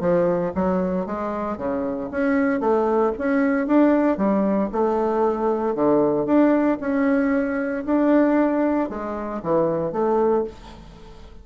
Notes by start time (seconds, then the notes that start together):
0.00 F3
0.55 F#3
1.06 G#3
1.57 C#3
2.11 C#4
2.60 A3
3.18 C#4
3.67 D4
4.17 G3
4.72 A3
5.75 D3
6.26 D4
6.80 C#4
7.85 D4
8.89 G#3
9.43 E3
9.92 A3